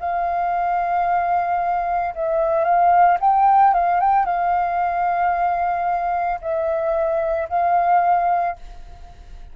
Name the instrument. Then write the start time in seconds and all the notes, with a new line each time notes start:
flute
0.00 F5
2.15 E5
2.64 F5
3.20 G5
3.74 F5
4.00 G5
4.26 F5
6.41 E5
7.49 F5